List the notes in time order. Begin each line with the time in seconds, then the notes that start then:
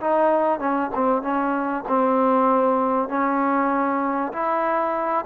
0.00 D#4
0.59 C#4
0.94 C4
1.22 C#4
1.88 C4
3.08 C#4
4.32 E4